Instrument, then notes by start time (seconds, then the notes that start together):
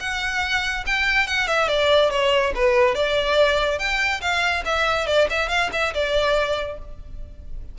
violin
0.00 F#5
0.87 G5
1.27 F#5
1.48 E5
1.68 D5
2.10 C#5
2.55 B4
2.95 D5
3.79 G5
4.21 F5
4.65 E5
5.07 D5
5.30 E5
5.49 F5
5.73 E5
5.94 D5